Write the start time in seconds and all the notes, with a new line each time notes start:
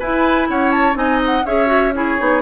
0.00 E4 B4 G#5
0.49 C#4 C#5 F#5
0.71 A5
0.94 C4 D#4 D#5 G#5
1.26 F#5
1.46 C#4 G#4 C#5 E5
1.67 F#4
1.95 E4 G#4 C#5
2.19 B3 D#4